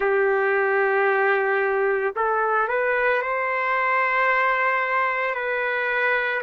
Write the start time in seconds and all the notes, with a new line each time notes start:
0.00 G4
2.15 A4
2.68 B4
3.21 C5
5.34 B4